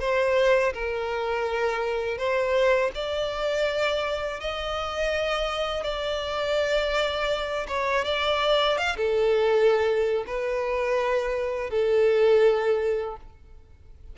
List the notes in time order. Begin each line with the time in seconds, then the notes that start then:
0.00 C5
0.74 A#4
2.18 C5
2.95 D5
4.40 D#5
5.84 D5
7.68 C#5
8.05 D5
8.78 F5
8.97 A4
10.27 B4
11.70 A4